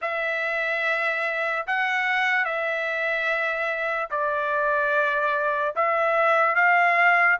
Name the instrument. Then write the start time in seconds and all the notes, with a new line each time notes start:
trumpet
0.01 E5
1.66 F#5
2.44 E5
4.10 D5
5.75 E5
6.55 F5